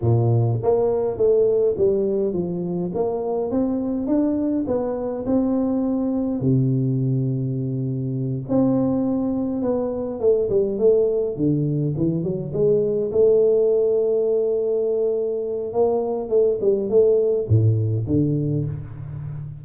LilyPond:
\new Staff \with { instrumentName = "tuba" } { \time 4/4 \tempo 4 = 103 ais,4 ais4 a4 g4 | f4 ais4 c'4 d'4 | b4 c'2 c4~ | c2~ c8 c'4.~ |
c'8 b4 a8 g8 a4 d8~ | d8 e8 fis8 gis4 a4.~ | a2. ais4 | a8 g8 a4 a,4 d4 | }